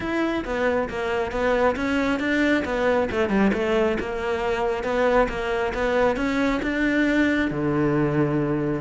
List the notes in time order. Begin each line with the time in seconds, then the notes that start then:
0.00 E4
0.44 B3
0.89 A#3
1.31 B3
1.75 C#4
2.19 D4
2.65 B3
3.11 A3
3.29 G3
3.53 A3
3.99 A#3
4.83 B3
5.28 A#3
5.74 B3
6.16 C#4
6.62 D4
7.50 D3